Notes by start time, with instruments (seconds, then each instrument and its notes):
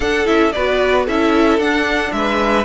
0.00 viola D4, cello D4, violin A4 F#5
0.25 cello C#4, viola E4, violin E5
0.51 cello B3, viola F#4, violin B4 D5
1.05 cello C#4, viola E4, violin A4 E5
1.58 cello D4, viola D4, violin F#5
2.12 cello G#3, violin B4 E5